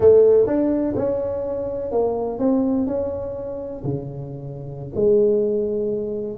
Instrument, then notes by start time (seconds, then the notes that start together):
tuba
0.00 A3
0.46 D4
0.96 C#4
1.91 A#3
2.38 C4
2.86 C#4
3.84 C#3
4.95 G#3